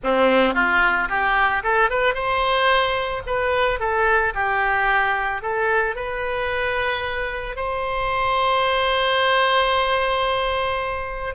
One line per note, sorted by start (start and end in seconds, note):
0.03 0.54 C4
0.54 1.08 F4
1.08 1.62 G4
1.63 1.89 A4
1.89 2.14 B4
2.14 3.22 C5
3.26 3.79 B4
3.79 4.33 A4
4.34 5.42 G4
5.42 5.95 A4
5.95 7.56 B4
7.56 11.34 C5